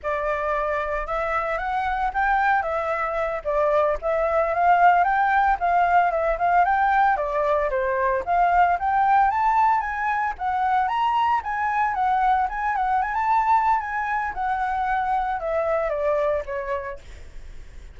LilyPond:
\new Staff \with { instrumentName = "flute" } { \time 4/4 \tempo 4 = 113 d''2 e''4 fis''4 | g''4 e''4. d''4 e''8~ | e''8 f''4 g''4 f''4 e''8 | f''8 g''4 d''4 c''4 f''8~ |
f''8 g''4 a''4 gis''4 fis''8~ | fis''8 ais''4 gis''4 fis''4 gis''8 | fis''8 gis''16 a''4~ a''16 gis''4 fis''4~ | fis''4 e''4 d''4 cis''4 | }